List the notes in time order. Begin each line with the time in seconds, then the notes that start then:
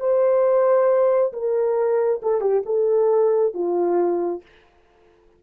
0.00 C5
1.33 A#4
2.22 A4
2.41 G4
2.66 A4
3.54 F4